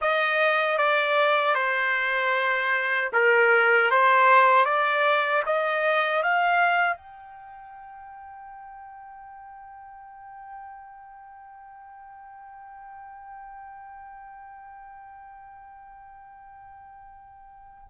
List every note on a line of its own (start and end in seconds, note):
0.01 0.78 D#5
0.78 1.54 D5
1.54 3.10 C5
3.12 3.90 A#4
3.90 4.65 C5
4.65 5.43 D5
5.46 6.22 D#5
6.22 6.96 F5
6.96 17.87 G5